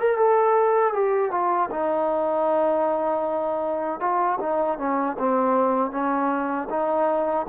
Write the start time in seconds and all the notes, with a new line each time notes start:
0.00 A#4
0.17 A4
0.94 G4
1.31 F4
1.71 D#4
4.00 F4
4.40 D#4
4.79 C#4
5.19 C4
5.91 C#4
6.70 D#4